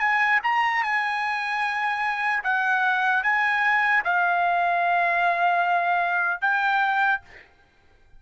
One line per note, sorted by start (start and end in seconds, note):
0.00 0.40 G#5
0.44 0.84 A#5
0.84 2.44 G#5
2.44 3.24 F#5
3.24 4.04 G#5
4.05 6.42 F5
6.42 7.22 G5